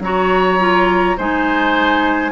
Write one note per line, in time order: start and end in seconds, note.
0.00 1.15 F#3
0.00 0.59 F#4
0.00 1.17 C#5
0.00 1.18 A#5
0.59 1.17 F4
1.17 2.32 G#3
1.17 2.32 D#4
1.17 2.32 C5
1.17 2.32 G#5